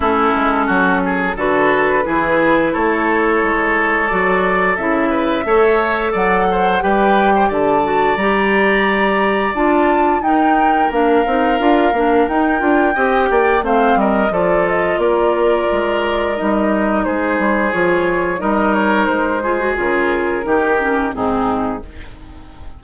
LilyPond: <<
  \new Staff \with { instrumentName = "flute" } { \time 4/4 \tempo 4 = 88 a'2 b'2 | cis''2 d''4 e''4~ | e''4 fis''4 g''4 a''4 | ais''2 a''4 g''4 |
f''2 g''2 | f''8 dis''8 d''8 dis''8 d''2 | dis''4 c''4 cis''4 dis''8 cis''8 | c''4 ais'2 gis'4 | }
  \new Staff \with { instrumentName = "oboe" } { \time 4/4 e'4 fis'8 gis'8 a'4 gis'4 | a'2.~ a'8 b'8 | cis''4 d''8 c''8 b'8. c''16 d''4~ | d''2. ais'4~ |
ais'2. dis''8 d''8 | c''8 ais'8 a'4 ais'2~ | ais'4 gis'2 ais'4~ | ais'8 gis'4. g'4 dis'4 | }
  \new Staff \with { instrumentName = "clarinet" } { \time 4/4 cis'2 fis'4 e'4~ | e'2 fis'4 e'4 | a'2 g'4. fis'8 | g'2 f'4 dis'4 |
d'8 dis'8 f'8 d'8 dis'8 f'8 g'4 | c'4 f'2. | dis'2 f'4 dis'4~ | dis'8 f'16 fis'16 f'4 dis'8 cis'8 c'4 | }
  \new Staff \with { instrumentName = "bassoon" } { \time 4/4 a8 gis8 fis4 d4 e4 | a4 gis4 fis4 cis4 | a4 fis4 g4 d4 | g2 d'4 dis'4 |
ais8 c'8 d'8 ais8 dis'8 d'8 c'8 ais8 | a8 g8 f4 ais4 gis4 | g4 gis8 g8 f4 g4 | gis4 cis4 dis4 gis,4 | }
>>